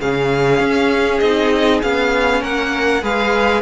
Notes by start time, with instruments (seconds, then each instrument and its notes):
0.00 cello C#3, viola C#4, violin G#4 F5
0.59 cello C#4
1.19 cello C4, viola D#4, violin D#5
1.82 cello B3, viola C#4, violin F5
2.40 cello A#3, violin A#4 F#5
3.02 cello G#3, viola G#4, violin B4 F5